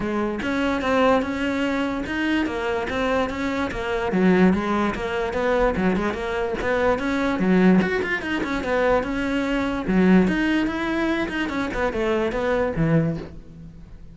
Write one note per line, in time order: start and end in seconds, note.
0.00 0.39 G#3
0.42 0.81 C#4
0.81 1.22 C4
1.22 2.04 C#4
2.06 2.46 D#4
2.46 2.87 A#3
2.89 3.29 C4
3.29 3.70 C#4
3.71 4.12 A#3
4.12 4.53 F#3
4.53 4.94 G#3
4.94 5.33 A#3
5.33 5.74 B3
5.76 5.96 F#3
5.96 6.13 G#3
6.13 6.54 A#3
6.61 6.99 B3
6.99 7.39 C#4
7.39 7.80 F#3
7.81 8.02 F#4
8.02 8.22 F4
8.22 8.42 D#4
8.43 8.63 C#4
8.63 9.03 B3
9.03 9.85 C#4
9.87 10.27 F#3
10.27 10.66 D#4
10.66 11.28 E4
11.28 11.49 D#4
11.49 11.69 C#4
11.73 11.92 B3
11.92 12.31 A3
12.31 12.72 B3
12.76 13.17 E3